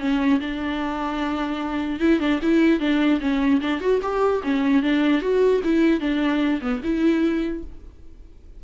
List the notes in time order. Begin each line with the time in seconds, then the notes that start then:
0.00 C#4
0.41 D4
2.00 E4
2.20 D4
2.43 E4
2.80 D4
3.21 C#4
3.62 D4
3.81 F#4
4.03 G4
4.44 C#4
4.83 D4
5.22 F#4
5.64 E4
6.01 D4
6.62 B3
6.84 E4